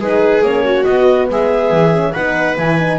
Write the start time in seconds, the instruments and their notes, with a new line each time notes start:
0.00 double bass G#3, horn D#4, viola G#4, clarinet B4
0.42 double bass A#3, horn C#4, clarinet C#5
0.64 viola F#4
0.84 horn B3, double bass B3, clarinet D#5
1.30 double bass G#3, viola G#4, clarinet E5
1.71 double bass E3
1.93 horn C#4
2.14 double bass B3, horn D#4, viola B4, clarinet F#5
2.57 double bass E3, horn E4, clarinet G#5
2.79 horn D#4